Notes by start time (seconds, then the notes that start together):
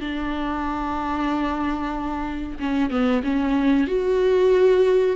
0.00 D4
2.60 C#4
2.90 B3
3.23 C#4
3.87 F#4